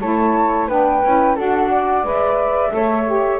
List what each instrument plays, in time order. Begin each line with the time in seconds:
0.00 double bass A3, saxophone E4, flute C#5 A5
0.68 double bass B3, saxophone D4, flute B4 G5
1.04 double bass C#4, saxophone E4
1.35 double bass D4, saxophone F#4, flute A4 F#5
1.70 flute D5
2.03 double bass G#3, saxophone B4, flute E5
2.69 double bass A3, saxophone A4, flute C#5
3.05 saxophone G4